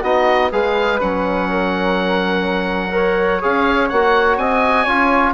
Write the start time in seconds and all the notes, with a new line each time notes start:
0.00 B3 D#4 F#4 D#5
0.52 G#3 G#4 B4 F5
1.00 F#3 C#4 F#5
1.50 A#4
2.92 A#4 C#5
3.42 C#4 G#4 F5
3.89 A#3 F#4 F#5
4.38 C4 D#5 G#5
4.84 C#4 F4 C#5